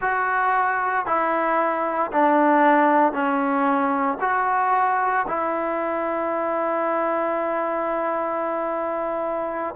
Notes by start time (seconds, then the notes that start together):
0.00 F#4
1.05 E4
2.11 D4
3.12 C#4
4.20 F#4
5.27 E4